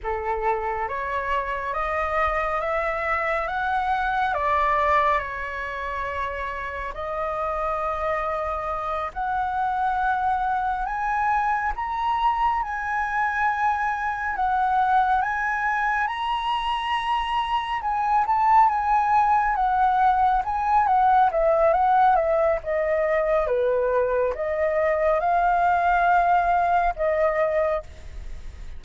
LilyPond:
\new Staff \with { instrumentName = "flute" } { \time 4/4 \tempo 4 = 69 a'4 cis''4 dis''4 e''4 | fis''4 d''4 cis''2 | dis''2~ dis''8 fis''4.~ | fis''8 gis''4 ais''4 gis''4.~ |
gis''8 fis''4 gis''4 ais''4.~ | ais''8 gis''8 a''8 gis''4 fis''4 gis''8 | fis''8 e''8 fis''8 e''8 dis''4 b'4 | dis''4 f''2 dis''4 | }